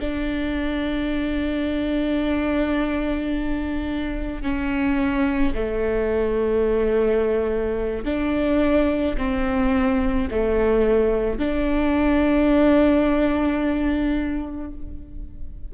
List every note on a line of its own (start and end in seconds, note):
0.00 4.43 D4
4.43 5.54 C#4
5.55 8.05 A3
8.05 9.16 D4
9.18 10.29 C4
10.31 11.39 A3
11.39 14.72 D4